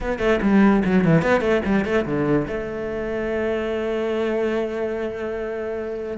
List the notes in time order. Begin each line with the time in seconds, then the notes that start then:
0.01 B3
0.18 A3
0.42 G3
0.84 F#3
1.04 E3
1.22 B3
1.40 A3
1.65 G3
1.84 A3
2.05 D3
2.47 A3